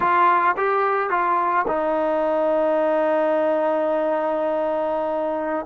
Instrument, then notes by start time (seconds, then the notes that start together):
trombone
0.00 F4
0.56 G4
1.10 F4
1.67 D#4